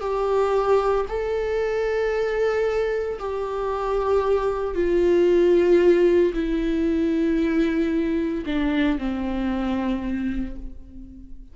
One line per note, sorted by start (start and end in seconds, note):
0.00 1.05 G4
1.08 3.19 A4
3.19 4.75 G4
4.75 6.33 F4
6.33 8.44 E4
8.46 8.98 D4
8.98 10.56 C4